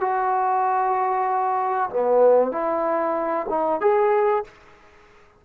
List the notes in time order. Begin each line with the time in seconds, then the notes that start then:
0.00 F#4
1.90 B3
2.51 E4
3.49 D#4
3.80 G#4